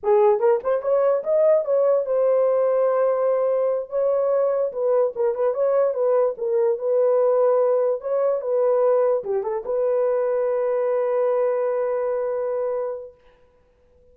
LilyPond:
\new Staff \with { instrumentName = "horn" } { \time 4/4 \tempo 4 = 146 gis'4 ais'8 c''8 cis''4 dis''4 | cis''4 c''2.~ | c''4. cis''2 b'8~ | b'8 ais'8 b'8 cis''4 b'4 ais'8~ |
ais'8 b'2. cis''8~ | cis''8 b'2 g'8 a'8 b'8~ | b'1~ | b'1 | }